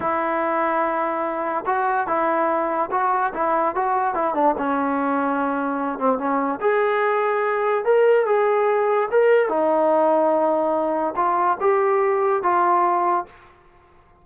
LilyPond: \new Staff \with { instrumentName = "trombone" } { \time 4/4 \tempo 4 = 145 e'1 | fis'4 e'2 fis'4 | e'4 fis'4 e'8 d'8 cis'4~ | cis'2~ cis'8 c'8 cis'4 |
gis'2. ais'4 | gis'2 ais'4 dis'4~ | dis'2. f'4 | g'2 f'2 | }